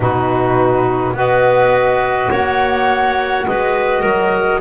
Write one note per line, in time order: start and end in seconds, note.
0.00 1.13 B2
0.00 1.14 D#4
0.00 1.15 F#4
0.00 1.16 B4
1.13 2.29 B3
1.13 4.60 F#4
1.13 2.30 B4
1.13 2.31 D#5
2.30 3.46 A#3
2.30 3.45 C#5
2.30 3.46 F#5
3.46 4.03 G#3
3.46 4.01 B4
3.46 4.61 D#5
4.01 4.61 F#3
4.01 4.59 A#4